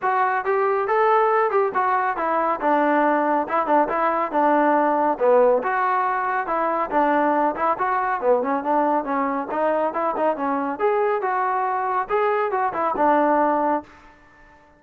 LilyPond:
\new Staff \with { instrumentName = "trombone" } { \time 4/4 \tempo 4 = 139 fis'4 g'4 a'4. g'8 | fis'4 e'4 d'2 | e'8 d'8 e'4 d'2 | b4 fis'2 e'4 |
d'4. e'8 fis'4 b8 cis'8 | d'4 cis'4 dis'4 e'8 dis'8 | cis'4 gis'4 fis'2 | gis'4 fis'8 e'8 d'2 | }